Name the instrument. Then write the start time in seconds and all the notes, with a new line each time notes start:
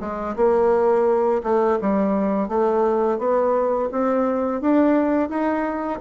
bassoon
0.00 G#3
0.36 A#3
1.43 A3
1.81 G3
2.48 A3
3.18 B3
3.92 C4
4.61 D4
5.29 D#4